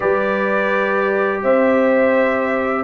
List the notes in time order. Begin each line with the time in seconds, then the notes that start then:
0.00 G3 G4 B4 D5
1.42 C4 C5 E5